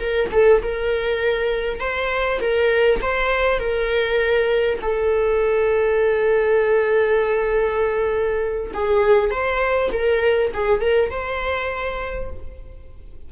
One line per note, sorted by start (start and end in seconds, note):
0.00 0.30 A#4
0.32 0.62 A4
0.62 1.80 A#4
1.80 2.40 C5
2.41 3.01 A#4
3.02 3.59 C5
3.59 4.79 A#4
4.82 8.72 A4
8.74 9.31 G#4
9.31 9.91 C5
9.92 10.52 A#4
10.54 10.81 G#4
10.81 11.10 A#4
11.10 12.30 C5